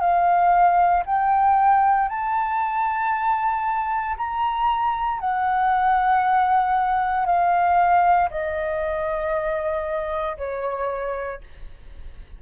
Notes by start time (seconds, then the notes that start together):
0.00 F5
1.06 G5
2.09 A5
4.17 A#5
5.20 F#5
7.26 F5
8.30 D#5
10.37 C#5